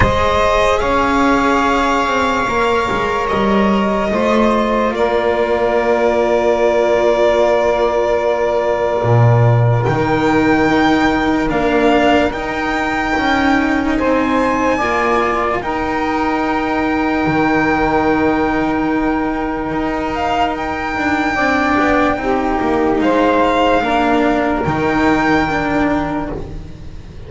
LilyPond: <<
  \new Staff \with { instrumentName = "violin" } { \time 4/4 \tempo 4 = 73 dis''4 f''2. | dis''2 d''2~ | d''1 | g''2 f''4 g''4~ |
g''4 gis''2 g''4~ | g''1~ | g''8 f''8 g''2. | f''2 g''2 | }
  \new Staff \with { instrumentName = "saxophone" } { \time 4/4 c''4 cis''2.~ | cis''4 c''4 ais'2~ | ais'1~ | ais'1~ |
ais'4 c''4 d''4 ais'4~ | ais'1~ | ais'2 d''4 g'4 | c''4 ais'2. | }
  \new Staff \with { instrumentName = "cello" } { \time 4/4 gis'2. ais'4~ | ais'4 f'2.~ | f'1 | dis'2 d'4 dis'4~ |
dis'2 f'4 dis'4~ | dis'1~ | dis'2 d'4 dis'4~ | dis'4 d'4 dis'4 d'4 | }
  \new Staff \with { instrumentName = "double bass" } { \time 4/4 gis4 cis'4. c'8 ais8 gis8 | g4 a4 ais2~ | ais2. ais,4 | dis2 ais4 dis'4 |
cis'4 c'4 ais4 dis'4~ | dis'4 dis2. | dis'4. d'8 c'8 b8 c'8 ais8 | gis4 ais4 dis2 | }
>>